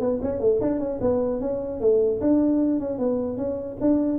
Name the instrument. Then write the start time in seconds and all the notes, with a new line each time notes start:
tuba
0.00 B3
0.22 C#4
0.40 A3
0.61 D4
0.79 C#4
1.01 B3
1.41 C#4
1.81 A3
2.21 D4
2.79 C#4
2.99 B3
3.37 C#4
3.81 D4